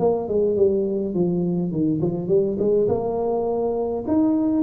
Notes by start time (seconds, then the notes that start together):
0.00 A#3
0.29 G#3
0.57 G3
1.15 F3
1.72 D#3
2.01 F3
2.28 G3
2.59 G#3
2.89 A#3
4.08 D#4